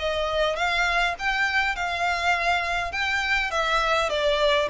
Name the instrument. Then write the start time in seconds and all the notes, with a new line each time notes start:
violin
0.00 D#5
0.56 F5
1.19 G5
1.76 F5
2.93 G5
3.51 E5
4.10 D5